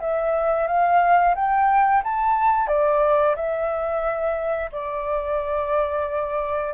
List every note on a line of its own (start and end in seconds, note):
0.00 0.67 E5
0.67 1.35 F5
1.35 2.03 G5
2.03 2.67 A5
2.67 3.35 D5
3.36 4.70 E5
4.72 6.74 D5